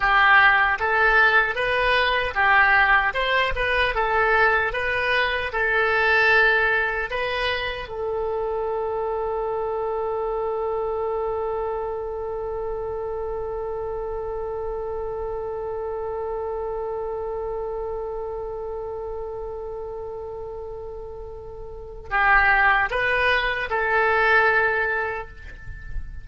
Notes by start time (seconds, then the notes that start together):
0.00 G4
0.79 A4
1.55 B4
2.34 G4
3.14 C5
3.55 B4
3.94 A4
4.73 B4
5.52 A4
7.10 B4
7.88 A4
22.10 G4
22.90 B4
23.69 A4